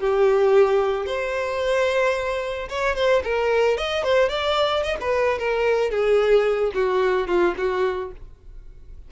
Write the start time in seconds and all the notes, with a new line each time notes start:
0.00 G4
1.07 C5
2.69 C#5
2.96 C5
3.24 A#4
3.78 D#5
4.04 C5
4.29 D5
4.84 D#5
5.01 B4
5.39 A#4
5.91 G#4
6.74 F#4
7.28 F4
7.57 F#4